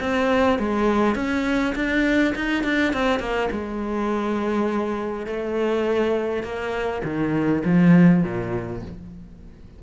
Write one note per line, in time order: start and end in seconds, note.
0.00 0.59 C4
0.59 1.15 G#3
1.15 1.74 C#4
1.75 2.34 D4
2.35 2.64 D#4
2.64 2.93 D4
2.93 3.20 C4
3.20 3.49 A#3
3.51 5.26 G#3
5.26 6.43 A3
6.43 7.02 A#3
7.04 7.63 D#3
7.65 8.24 F3
8.24 8.82 A#2